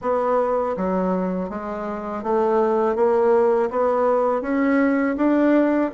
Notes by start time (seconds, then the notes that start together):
0.01 B3
0.76 F#3
1.49 G#3
2.23 A3
2.95 A#3
3.70 B3
4.41 C#4
5.16 D4